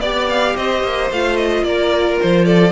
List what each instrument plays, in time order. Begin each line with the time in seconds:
0.00 cello B3, viola G4, violin D5
0.30 violin F5
0.56 cello C4, violin C5 D#5
0.83 cello A#3
1.11 cello A3, viola F4, violin F5
1.37 violin D#5
1.63 cello A#3, violin A#4 D5
2.22 cello F3, violin C5
2.46 violin A4 D5